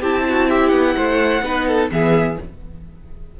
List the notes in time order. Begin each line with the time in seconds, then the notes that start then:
0.00 C4 E4 G4 A5
0.29 F#4
0.49 G4 E5
0.69 B3 F#5
0.96 A3 C5
1.42 B3 D#4 B4
1.67 A4
1.90 E3 B3 G#4 E5